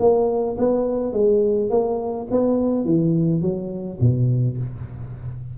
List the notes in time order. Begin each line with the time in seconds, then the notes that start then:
0.00 A#3
0.58 B3
1.13 G#3
1.70 A#3
2.31 B3
2.85 E3
3.42 F#3
4.01 B2